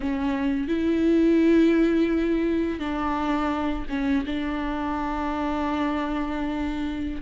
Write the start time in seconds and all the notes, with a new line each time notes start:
0.00 C#4
0.68 E4
2.79 D4
3.89 C#4
4.25 D4